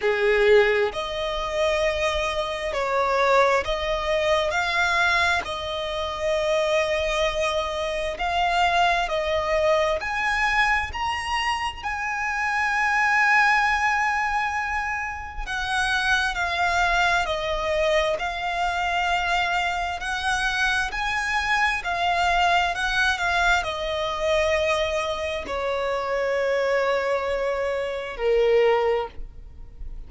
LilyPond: \new Staff \with { instrumentName = "violin" } { \time 4/4 \tempo 4 = 66 gis'4 dis''2 cis''4 | dis''4 f''4 dis''2~ | dis''4 f''4 dis''4 gis''4 | ais''4 gis''2.~ |
gis''4 fis''4 f''4 dis''4 | f''2 fis''4 gis''4 | f''4 fis''8 f''8 dis''2 | cis''2. ais'4 | }